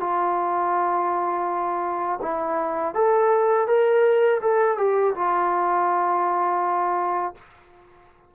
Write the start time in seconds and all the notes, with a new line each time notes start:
0.00 F4
2.22 E4
2.94 A4
3.67 A#4
4.41 A4
4.77 G4
5.15 F4